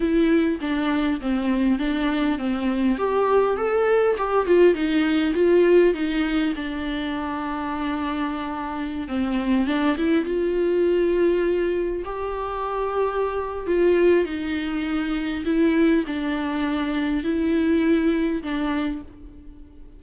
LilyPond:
\new Staff \with { instrumentName = "viola" } { \time 4/4 \tempo 4 = 101 e'4 d'4 c'4 d'4 | c'4 g'4 a'4 g'8 f'8 | dis'4 f'4 dis'4 d'4~ | d'2.~ d'16 c'8.~ |
c'16 d'8 e'8 f'2~ f'8.~ | f'16 g'2~ g'8. f'4 | dis'2 e'4 d'4~ | d'4 e'2 d'4 | }